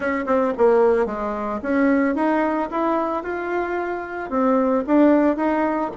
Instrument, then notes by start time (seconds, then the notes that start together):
bassoon
0.00 C#4
0.26 C4
0.57 A#3
1.05 G#3
1.62 C#4
2.15 D#4
2.70 E4
3.23 F4
4.30 C4
4.86 D4
5.36 D#4